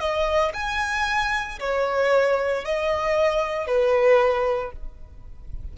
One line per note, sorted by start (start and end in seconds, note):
0.00 0.53 D#5
0.54 1.59 G#5
1.60 2.65 C#5
2.65 3.67 D#5
3.67 4.72 B4